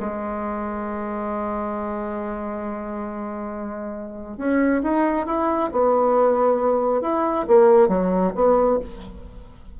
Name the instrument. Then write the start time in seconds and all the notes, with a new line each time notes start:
bassoon
0.00 G#3
4.38 C#4
4.83 D#4
5.26 E4
5.72 B3
7.01 E4
7.47 A#3
7.88 F#3
8.35 B3